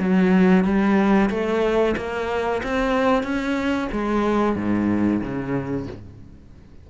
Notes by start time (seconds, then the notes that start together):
0.00 F#3
0.65 G3
1.31 A3
1.97 A#3
2.64 C4
3.24 C#4
3.92 G#3
4.57 G#2
5.22 C#3